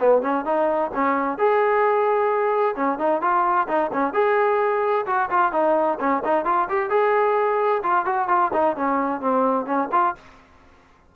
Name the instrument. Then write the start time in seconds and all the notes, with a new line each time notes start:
trombone
0.00 B3
0.22 C#4
0.46 D#4
0.94 C#4
1.39 G#4
2.76 C#4
2.99 D#4
3.22 F4
3.68 D#4
3.93 C#4
4.14 G#4
5.07 F#4
5.31 F4
5.53 D#4
6.00 C#4
6.25 D#4
6.46 F4
6.69 G4
6.90 G#4
7.83 F4
8.06 F#4
8.29 F4
8.54 D#4
8.77 C#4
9.21 C4
9.66 C#4
9.92 F4